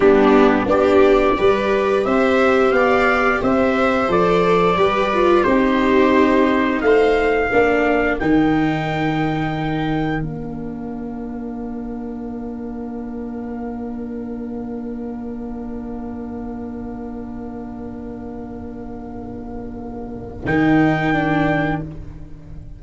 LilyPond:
<<
  \new Staff \with { instrumentName = "trumpet" } { \time 4/4 \tempo 4 = 88 g'4 d''2 e''4 | f''4 e''4 d''2 | c''2 f''2 | g''2. f''4~ |
f''1~ | f''1~ | f''1~ | f''2 g''2 | }
  \new Staff \with { instrumentName = "viola" } { \time 4/4 d'4 g'4 b'4 c''4 | d''4 c''2 b'4 | g'2 c''4 ais'4~ | ais'1~ |
ais'1~ | ais'1~ | ais'1~ | ais'1 | }
  \new Staff \with { instrumentName = "viola" } { \time 4/4 b4 d'4 g'2~ | g'2 a'4 g'8 f'8 | dis'2. d'4 | dis'2. d'4~ |
d'1~ | d'1~ | d'1~ | d'2 dis'4 d'4 | }
  \new Staff \with { instrumentName = "tuba" } { \time 4/4 g4 b4 g4 c'4 | b4 c'4 f4 g4 | c'2 a4 ais4 | dis2. ais4~ |
ais1~ | ais1~ | ais1~ | ais2 dis2 | }
>>